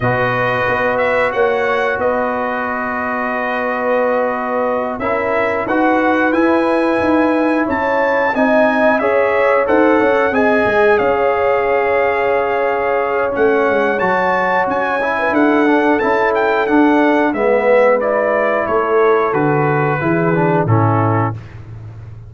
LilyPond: <<
  \new Staff \with { instrumentName = "trumpet" } { \time 4/4 \tempo 4 = 90 dis''4. e''8 fis''4 dis''4~ | dis''2.~ dis''8 e''8~ | e''8 fis''4 gis''2 a''8~ | a''8 gis''4 e''4 fis''4 gis''8~ |
gis''8 f''2.~ f''8 | fis''4 a''4 gis''4 fis''4 | a''8 g''8 fis''4 e''4 d''4 | cis''4 b'2 a'4 | }
  \new Staff \with { instrumentName = "horn" } { \time 4/4 b'2 cis''4 b'4~ | b'2.~ b'8 ais'8~ | ais'8 b'2. cis''8~ | cis''8 dis''4 cis''4 c''8 cis''8 dis''8~ |
dis''8 cis''2.~ cis''8~ | cis''2~ cis''8. b'16 a'4~ | a'2 b'2 | a'2 gis'4 e'4 | }
  \new Staff \with { instrumentName = "trombone" } { \time 4/4 fis'1~ | fis'2.~ fis'8 e'8~ | e'8 fis'4 e'2~ e'8~ | e'8 dis'4 gis'4 a'4 gis'8~ |
gis'1 | cis'4 fis'4. e'4 d'8 | e'4 d'4 b4 e'4~ | e'4 fis'4 e'8 d'8 cis'4 | }
  \new Staff \with { instrumentName = "tuba" } { \time 4/4 b,4 b4 ais4 b4~ | b2.~ b8 cis'8~ | cis'8 dis'4 e'4 dis'4 cis'8~ | cis'8 c'4 cis'4 dis'8 cis'8 c'8 |
gis8 cis'2.~ cis'8 | a8 gis8 fis4 cis'4 d'4 | cis'4 d'4 gis2 | a4 d4 e4 a,4 | }
>>